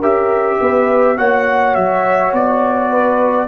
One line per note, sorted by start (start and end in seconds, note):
0.00 0.59 C#4
0.00 1.17 G4
0.00 0.58 A#4
0.00 1.18 E5
0.61 1.18 B3
0.61 1.18 B4
1.17 1.76 A#3
1.17 3.48 F#4
1.17 2.91 C#5
1.17 1.75 F#5
1.75 2.33 F#3
1.75 2.32 E5
2.33 3.48 B3
2.33 3.48 D5
2.91 3.48 B4